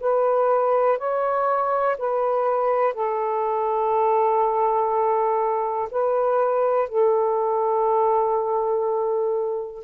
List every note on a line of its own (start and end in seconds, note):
0.00 0.97 B4
0.97 1.96 C#5
1.98 2.93 B4
2.93 5.88 A4
5.91 6.88 B4
6.88 9.83 A4